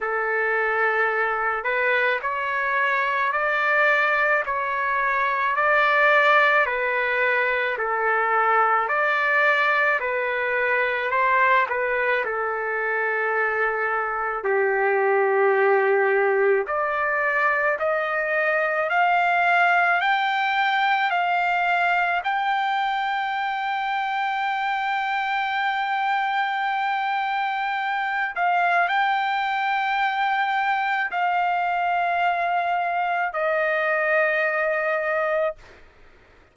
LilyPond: \new Staff \with { instrumentName = "trumpet" } { \time 4/4 \tempo 4 = 54 a'4. b'8 cis''4 d''4 | cis''4 d''4 b'4 a'4 | d''4 b'4 c''8 b'8 a'4~ | a'4 g'2 d''4 |
dis''4 f''4 g''4 f''4 | g''1~ | g''4. f''8 g''2 | f''2 dis''2 | }